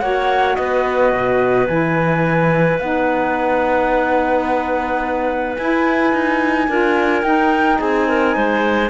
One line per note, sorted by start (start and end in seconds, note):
0.00 0.58 A#3
0.00 1.69 F#4
0.00 0.58 C#5
0.00 0.56 F#5
0.56 1.13 B3
0.56 6.70 B4
0.56 1.67 D#5
1.13 1.68 B2
1.68 2.80 E3
1.68 2.80 E4
1.68 2.79 G#5
2.80 5.57 B3
2.80 5.58 D#4
2.80 5.57 F#5
5.57 6.69 E4
5.57 6.13 E4
5.57 7.24 G#5
6.13 6.69 D#4
6.69 7.23 D4
6.69 7.23 F4
6.69 7.79 A#4
7.23 8.90 D#4
7.23 7.79 D#4
7.23 7.79 G5
7.79 8.37 C4
7.79 8.07 G#4
7.79 8.91 G#5
8.08 8.36 A#4
8.36 8.91 G#3
8.36 8.91 C5